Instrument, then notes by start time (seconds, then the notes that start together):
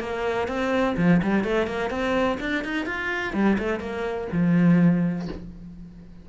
cello
0.00 A#3
0.48 C4
0.97 F3
1.23 G3
1.44 A3
1.67 A#3
1.90 C4
2.40 D4
2.65 D#4
2.86 F4
3.34 G3
3.59 A3
3.80 A#3
4.32 F3